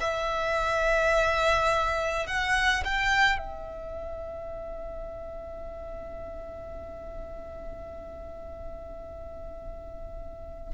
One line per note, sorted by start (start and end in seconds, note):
0.00 2.26 E5
2.26 2.83 F#5
2.85 3.38 G5
3.38 10.73 E5